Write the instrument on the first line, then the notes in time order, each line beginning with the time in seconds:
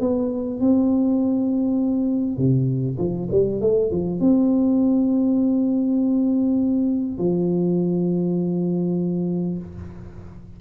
tuba
0.00 B3
0.60 C4
2.37 C3
2.98 F3
3.31 G3
3.61 A3
3.91 F3
4.21 C4
7.18 F3